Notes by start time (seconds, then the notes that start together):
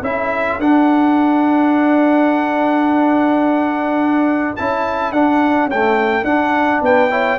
0.00 C#4 E4 A4 E5
0.58 D4 F#5
4.56 C#4 E4 A5
5.11 D4 F#5
5.66 C#4 G5
5.73 A3
6.24 D4 F#5
6.81 B3 B4 G5
7.10 E4 C#5